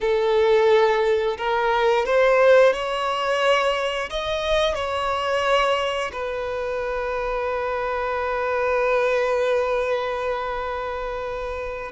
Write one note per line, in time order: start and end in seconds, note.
0.01 1.37 A4
1.37 2.05 A#4
2.05 2.73 C5
2.73 4.09 C#5
4.10 4.74 D#5
4.74 6.11 C#5
6.12 11.92 B4